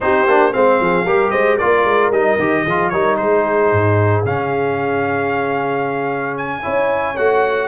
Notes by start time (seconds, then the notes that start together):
0.00 C4 D#4 G4 C5
0.26 A#3 D4
0.52 G#3 C4 C5 F5
0.80 F3 G#4
1.05 G3 G4 A#4
1.30 G#3 C5 D#5
1.57 A#3 F4 A#4 D5
1.84 G#3
2.10 G3 D#4 D#5
2.38 D#3 G4
2.64 F3 F4 G#4
2.89 G3 D#4 A#4 C#5
3.17 G#3 G#4 C5
3.72 G#2
4.25 C#3 C#4 F5
6.37 G#5
6.62 C#4 E4 C#5
7.16 A3 F#4 F#5